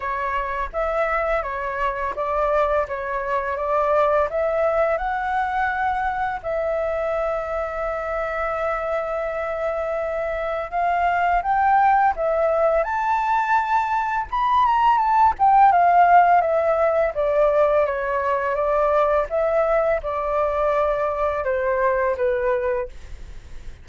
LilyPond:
\new Staff \with { instrumentName = "flute" } { \time 4/4 \tempo 4 = 84 cis''4 e''4 cis''4 d''4 | cis''4 d''4 e''4 fis''4~ | fis''4 e''2.~ | e''2. f''4 |
g''4 e''4 a''2 | b''8 ais''8 a''8 g''8 f''4 e''4 | d''4 cis''4 d''4 e''4 | d''2 c''4 b'4 | }